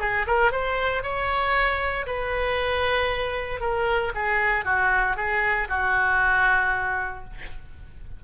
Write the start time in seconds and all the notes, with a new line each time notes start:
0.00 G#4
0.27 A#4
0.51 C5
1.03 C#5
2.06 B4
3.60 A#4
4.14 G#4
4.65 F#4
5.16 G#4
5.69 F#4